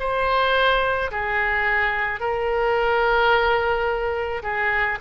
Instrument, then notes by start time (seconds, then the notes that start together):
oboe
0.00 C5
1.11 G#4
2.20 A#4
4.43 G#4